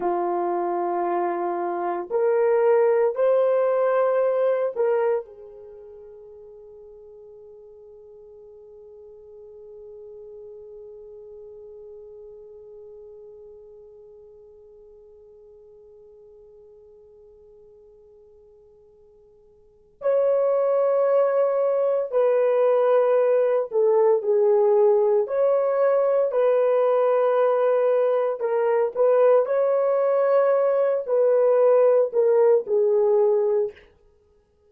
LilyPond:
\new Staff \with { instrumentName = "horn" } { \time 4/4 \tempo 4 = 57 f'2 ais'4 c''4~ | c''8 ais'8 gis'2.~ | gis'1~ | gis'1~ |
gis'2. cis''4~ | cis''4 b'4. a'8 gis'4 | cis''4 b'2 ais'8 b'8 | cis''4. b'4 ais'8 gis'4 | }